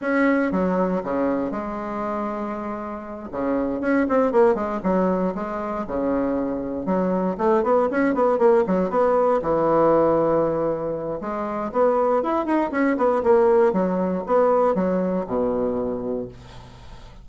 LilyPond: \new Staff \with { instrumentName = "bassoon" } { \time 4/4 \tempo 4 = 118 cis'4 fis4 cis4 gis4~ | gis2~ gis8 cis4 cis'8 | c'8 ais8 gis8 fis4 gis4 cis8~ | cis4. fis4 a8 b8 cis'8 |
b8 ais8 fis8 b4 e4.~ | e2 gis4 b4 | e'8 dis'8 cis'8 b8 ais4 fis4 | b4 fis4 b,2 | }